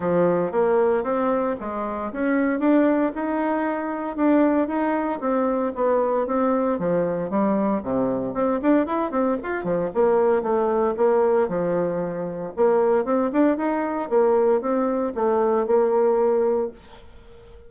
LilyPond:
\new Staff \with { instrumentName = "bassoon" } { \time 4/4 \tempo 4 = 115 f4 ais4 c'4 gis4 | cis'4 d'4 dis'2 | d'4 dis'4 c'4 b4 | c'4 f4 g4 c4 |
c'8 d'8 e'8 c'8 f'8 f8 ais4 | a4 ais4 f2 | ais4 c'8 d'8 dis'4 ais4 | c'4 a4 ais2 | }